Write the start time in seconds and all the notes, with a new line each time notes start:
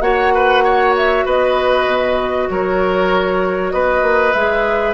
0.00 A#3 F#4 C#5 F#5
0.34 B4
0.64 C#5
0.96 E5
1.25 B3 B4 D#5
1.86 B2
2.49 F#3 A#4 C#5
3.71 B3 B4 D#5
4.01 A#3
4.32 G#3 G#4 E5